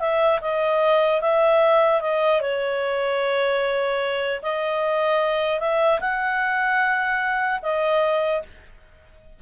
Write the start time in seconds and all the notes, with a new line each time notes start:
0.00 E5
0.41 D#5
1.21 E5
2.01 D#5
2.41 C#5
4.43 D#5
5.60 E5
6.00 F#5
7.63 D#5